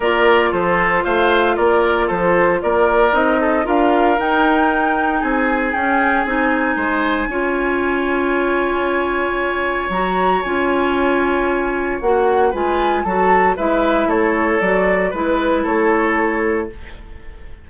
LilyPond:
<<
  \new Staff \with { instrumentName = "flute" } { \time 4/4 \tempo 4 = 115 d''4 c''4 f''4 d''4 | c''4 d''4 dis''4 f''4 | g''2 gis''4 g''4 | gis''1~ |
gis''2. ais''4 | gis''2. fis''4 | gis''4 a''4 e''4 cis''4 | d''4 b'4 cis''2 | }
  \new Staff \with { instrumentName = "oboe" } { \time 4/4 ais'4 a'4 c''4 ais'4 | a'4 ais'4. a'8 ais'4~ | ais'2 gis'2~ | gis'4 c''4 cis''2~ |
cis''1~ | cis''1 | b'4 a'4 b'4 a'4~ | a'4 b'4 a'2 | }
  \new Staff \with { instrumentName = "clarinet" } { \time 4/4 f'1~ | f'2 dis'4 f'4 | dis'2. cis'4 | dis'2 f'2~ |
f'2. fis'4 | f'2. fis'4 | f'4 fis'4 e'2 | fis'4 e'2. | }
  \new Staff \with { instrumentName = "bassoon" } { \time 4/4 ais4 f4 a4 ais4 | f4 ais4 c'4 d'4 | dis'2 c'4 cis'4 | c'4 gis4 cis'2~ |
cis'2. fis4 | cis'2. ais4 | gis4 fis4 gis4 a4 | fis4 gis4 a2 | }
>>